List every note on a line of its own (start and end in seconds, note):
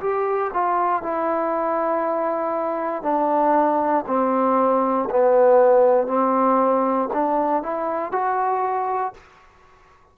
0.00 0.51 G4
0.53 1.02 F4
1.02 3.02 E4
3.02 4.04 D4
4.07 5.08 C4
5.10 6.07 B3
6.07 7.09 C4
7.13 7.62 D4
7.62 8.11 E4
8.11 9.13 F#4